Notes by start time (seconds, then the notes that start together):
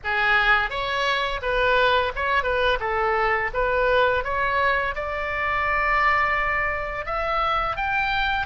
0.04 G#4
0.69 C#5
1.41 B4
2.15 C#5
2.43 B4
2.79 A4
3.53 B4
4.24 C#5
4.95 D5
7.05 E5
7.76 G5